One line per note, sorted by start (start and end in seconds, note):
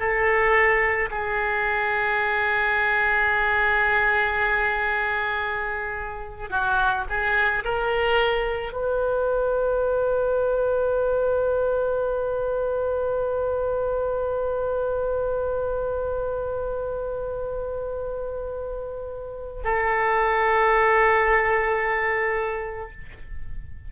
0.00 1.09 A4
1.11 6.50 G#4
6.50 7.05 F#4
7.09 7.64 G#4
7.65 8.72 A#4
8.72 19.63 B4
19.64 22.91 A4